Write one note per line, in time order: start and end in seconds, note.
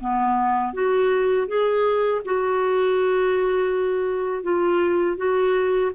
0.00 0.73 B3
0.73 1.47 F#4
1.47 2.21 G#4
2.25 4.43 F#4
4.43 5.17 F4
5.17 5.91 F#4